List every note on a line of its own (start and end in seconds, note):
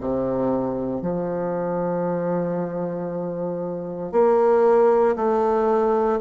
0.00 1.01 C3
1.01 4.11 F3
4.12 5.15 A#3
5.16 6.19 A3